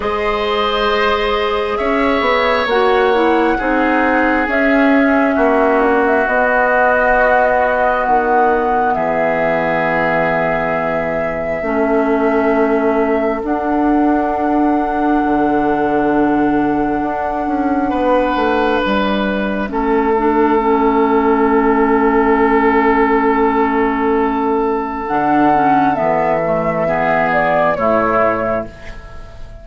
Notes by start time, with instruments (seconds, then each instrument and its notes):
0.00 bassoon G#3, clarinet G#4, oboe C5, flute D#5
1.76 bassoon C#4, oboe C#5, flute E5
2.20 bassoon B3
2.66 bassoon A#3, clarinet F#4, flute F#5
3.13 clarinet E4
3.58 bassoon C4, clarinet D#4, oboe G#4
4.46 clarinet C#4, bassoon C#4, flute E5
5.35 bassoon A#3, oboe F#4
5.82 flute D4
6.06 flute E5
6.26 clarinet B3, bassoon B3, flute D#5
8.05 bassoon D#3, flute F#5
8.93 bassoon E3, oboe G#4, flute E5
11.62 bassoon A3, clarinet C#4, oboe A4
13.43 clarinet D4, bassoon D4, flute F#5
15.24 bassoon D3
17.02 bassoon D4
17.46 bassoon C#4
17.89 bassoon B3, oboe B4
18.35 bassoon A3
18.81 bassoon G3, flute E5
19.68 bassoon A3, clarinet C#4, oboe A4
20.17 clarinet D4
20.58 clarinet C#4
25.06 bassoon D3, clarinet D4, flute F#5
25.54 clarinet C#4
25.94 bassoon E3, clarinet B3, flute E5
26.44 clarinet A3
26.86 clarinet B3, oboe G#4
27.32 flute D5
27.75 bassoon A2, clarinet A3, oboe E4, flute C#5